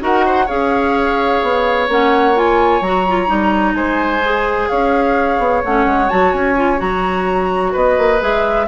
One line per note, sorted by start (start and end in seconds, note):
0.00 0.48 D#4
0.00 0.47 F#4
0.00 0.26 A#4
0.00 0.48 F#5
0.26 0.46 C5
0.46 1.43 C#4
0.46 1.89 G#4
0.46 3.74 C#5
0.46 1.89 F5
1.43 1.88 B3
1.88 2.81 A#3
1.88 2.35 C#4
1.88 2.38 F#5
2.35 2.82 F4
2.35 2.83 G#5
2.81 3.28 F#3
2.81 3.07 F#4
2.81 3.75 A#5
3.08 3.27 F4
3.27 3.74 G3
3.27 4.21 D#4
3.74 4.67 G#3
3.74 4.70 C5
3.74 4.69 G#5
4.24 5.65 G#4
4.69 5.39 C#4
4.69 7.72 C#5
4.69 5.62 F5
5.39 5.62 B3
5.65 5.86 A3
5.65 6.09 C#4
5.65 6.09 F#5
5.86 6.10 G#3
6.09 6.33 F#3
6.09 6.55 F#4
6.09 6.32 A5
6.32 6.80 C#4
6.32 6.79 G#5
6.56 6.77 F4
6.77 7.75 F#3
6.77 8.18 F#4
6.77 7.74 A#5
7.72 7.98 B3
7.72 8.66 B4
7.72 8.22 D#5
7.98 8.21 A#3
8.20 8.68 G#3
8.20 8.67 G#4
8.20 8.68 E5